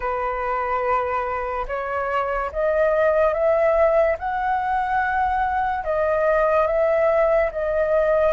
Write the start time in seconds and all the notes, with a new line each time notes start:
0.00 B4
1.67 C#5
2.52 D#5
3.33 E5
4.18 F#5
5.84 D#5
6.67 E5
7.52 D#5